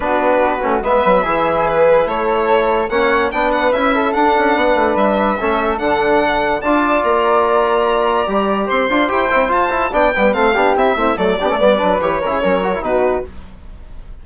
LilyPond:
<<
  \new Staff \with { instrumentName = "violin" } { \time 4/4 \tempo 4 = 145 b'2 e''2 | b'4 cis''2 fis''4 | g''8 fis''8 e''4 fis''2 | e''2 fis''2 |
a''4 ais''2.~ | ais''4 c'''4 g''4 a''4 | g''4 f''4 e''4 d''4~ | d''4 cis''2 b'4 | }
  \new Staff \with { instrumentName = "flute" } { \time 4/4 fis'2 b'4 gis'4~ | gis'4 a'2 cis''4 | b'4. a'4. b'4~ | b'4 a'2. |
d''1~ | d''4 c''2. | d''8 b'8 a'8 g'4 e'8 a'8 g'16 a'16 | b'4. ais'16 gis'16 ais'4 fis'4 | }
  \new Staff \with { instrumentName = "trombone" } { \time 4/4 d'4. cis'8 b4 e'4~ | e'2. cis'4 | d'4 e'4 d'2~ | d'4 cis'4 d'2 |
f'1 | g'4. f'8 g'8 e'8 f'8 e'8 | d'8 b8 c'8 d'8 e'8 c'8 a8 d'16 cis'16 | b8 d'8 g'8 e'8 cis'8 fis'16 e'16 dis'4 | }
  \new Staff \with { instrumentName = "bassoon" } { \time 4/4 b4. a8 gis8 fis8 e4~ | e4 a2 ais4 | b4 cis'4 d'8 cis'8 b8 a8 | g4 a4 d2 |
d'4 ais2. | g4 c'8 d'8 e'8 c'8 f'4 | b8 g8 a8 b8 c'8 a8 fis8 b16 a16 | g8 fis8 e8 cis8 fis4 b,4 | }
>>